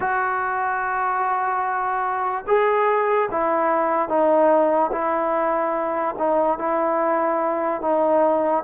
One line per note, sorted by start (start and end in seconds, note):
0.00 2.44 F#4
2.47 3.29 G#4
3.31 4.08 E4
4.08 4.91 D#4
4.91 6.15 E4
6.18 6.58 D#4
6.58 7.81 E4
7.81 8.63 D#4